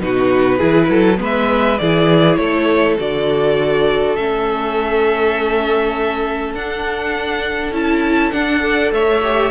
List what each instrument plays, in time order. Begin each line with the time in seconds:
0.00 cello B2, viola D#4, violin F#4 B4
0.57 cello E3, viola E4, violin G#4
0.89 cello F#3, violin A4
1.17 cello G#3, viola B3, violin B4
1.24 violin E5
1.78 cello E3, viola E4, violin G#4 D5
2.36 cello A3, violin A4 C#5
2.98 cello D3, viola F#4, violin D5
4.15 cello A3, viola C#4, violin E5
6.54 cello D4, viola D4, violin F#5
7.72 cello C#4, viola E4, violin A5
8.32 viola D4, cello D4, violin F#5
8.59 viola A4, violin D5
8.91 cello A3, violin C#5 E5
9.23 viola G4